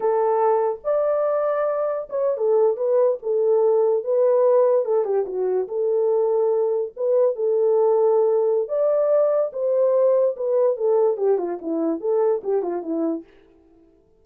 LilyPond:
\new Staff \with { instrumentName = "horn" } { \time 4/4 \tempo 4 = 145 a'2 d''2~ | d''4 cis''8. a'4 b'4 a'16~ | a'4.~ a'16 b'2 a'16~ | a'16 g'8 fis'4 a'2~ a'16~ |
a'8. b'4 a'2~ a'16~ | a'4 d''2 c''4~ | c''4 b'4 a'4 g'8 f'8 | e'4 a'4 g'8 f'8 e'4 | }